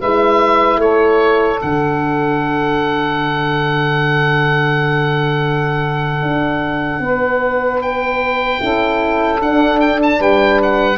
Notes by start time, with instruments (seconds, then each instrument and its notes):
0.00 tuba G#3, horn E4, saxophone B4, oboe E5
0.76 tuba A3, saxophone A4, oboe C#5
1.60 tuba D3, horn D4, oboe F#5
6.22 tuba D4
7.00 tuba B3, saxophone B4
7.82 oboe G5
8.60 tuba C#4, horn E4, saxophone A4
9.41 horn D4, tuba D4, oboe F#5
9.80 oboe G5
10.03 oboe A5
10.19 tuba G3, saxophone B4, oboe G5
10.62 oboe F#5